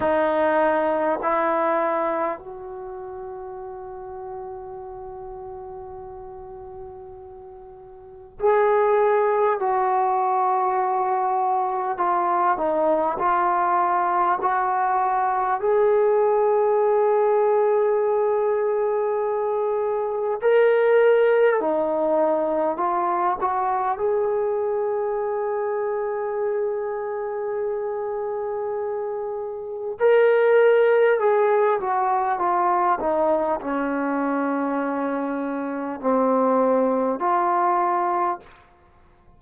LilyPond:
\new Staff \with { instrumentName = "trombone" } { \time 4/4 \tempo 4 = 50 dis'4 e'4 fis'2~ | fis'2. gis'4 | fis'2 f'8 dis'8 f'4 | fis'4 gis'2.~ |
gis'4 ais'4 dis'4 f'8 fis'8 | gis'1~ | gis'4 ais'4 gis'8 fis'8 f'8 dis'8 | cis'2 c'4 f'4 | }